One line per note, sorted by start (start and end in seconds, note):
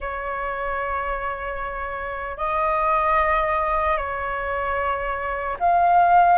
0.00 2.37 C#5
2.37 3.97 D#5
3.97 5.57 C#5
5.59 6.38 F5